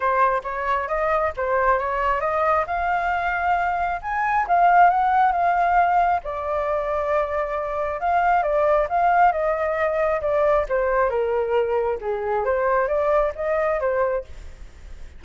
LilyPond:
\new Staff \with { instrumentName = "flute" } { \time 4/4 \tempo 4 = 135 c''4 cis''4 dis''4 c''4 | cis''4 dis''4 f''2~ | f''4 gis''4 f''4 fis''4 | f''2 d''2~ |
d''2 f''4 d''4 | f''4 dis''2 d''4 | c''4 ais'2 gis'4 | c''4 d''4 dis''4 c''4 | }